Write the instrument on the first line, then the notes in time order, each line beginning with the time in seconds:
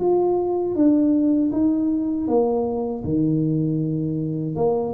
tuba
0.00 F4
0.75 D4
1.52 D#4
2.28 A#3
3.04 D#3
4.56 A#3